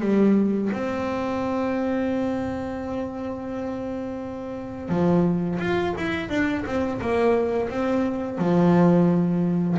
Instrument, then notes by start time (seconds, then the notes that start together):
double bass
0.00 G3
0.72 C4
4.89 F3
5.59 F4
5.97 E4
6.29 D4
6.65 C4
7.01 A#3
7.69 C4
8.38 F3